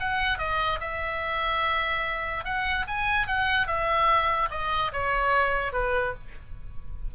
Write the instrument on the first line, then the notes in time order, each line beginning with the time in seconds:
oboe
0.00 F#5
0.38 D#5
0.80 E5
2.45 F#5
2.87 G#5
3.27 F#5
3.67 E5
4.51 D#5
4.93 C#5
5.73 B4